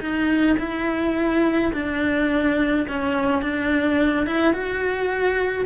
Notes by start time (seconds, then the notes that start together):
0.00 D#4
0.58 E4
1.73 D4
2.88 C#4
3.42 D4
4.26 E4
4.53 F#4